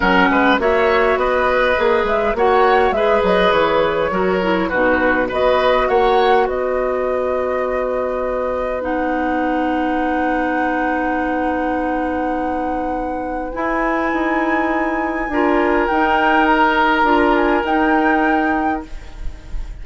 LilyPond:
<<
  \new Staff \with { instrumentName = "flute" } { \time 4/4 \tempo 4 = 102 fis''4 e''4 dis''4. e''8 | fis''4 e''8 dis''8 cis''2 | b'4 dis''4 fis''4 dis''4~ | dis''2. fis''4~ |
fis''1~ | fis''2. gis''4~ | gis''2. g''4 | ais''4. gis''8 g''2 | }
  \new Staff \with { instrumentName = "oboe" } { \time 4/4 ais'8 b'8 cis''4 b'2 | cis''4 b'2 ais'4 | fis'4 b'4 cis''4 b'4~ | b'1~ |
b'1~ | b'1~ | b'2 ais'2~ | ais'1 | }
  \new Staff \with { instrumentName = "clarinet" } { \time 4/4 cis'4 fis'2 gis'4 | fis'4 gis'2 fis'8 e'8 | dis'4 fis'2.~ | fis'2. dis'4~ |
dis'1~ | dis'2. e'4~ | e'2 f'4 dis'4~ | dis'4 f'4 dis'2 | }
  \new Staff \with { instrumentName = "bassoon" } { \time 4/4 fis8 gis8 ais4 b4 ais8 gis8 | ais4 gis8 fis8 e4 fis4 | b,4 b4 ais4 b4~ | b1~ |
b1~ | b2. e'4 | dis'2 d'4 dis'4~ | dis'4 d'4 dis'2 | }
>>